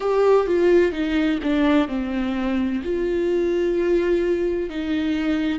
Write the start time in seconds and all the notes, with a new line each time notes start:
0.00 G4
0.46 F4
0.92 D#4
1.43 D4
1.87 C4
2.83 F4
4.69 D#4